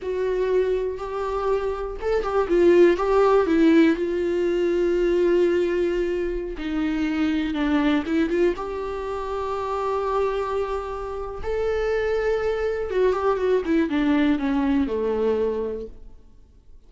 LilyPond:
\new Staff \with { instrumentName = "viola" } { \time 4/4 \tempo 4 = 121 fis'2 g'2 | a'8 g'8 f'4 g'4 e'4 | f'1~ | f'4~ f'16 dis'2 d'8.~ |
d'16 e'8 f'8 g'2~ g'8.~ | g'2. a'4~ | a'2 fis'8 g'8 fis'8 e'8 | d'4 cis'4 a2 | }